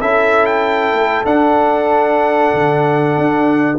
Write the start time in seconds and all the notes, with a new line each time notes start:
0.00 C#4 E4 A4 E5
0.46 G5
0.93 A3
1.25 D4 F#5
2.54 D3
3.17 D4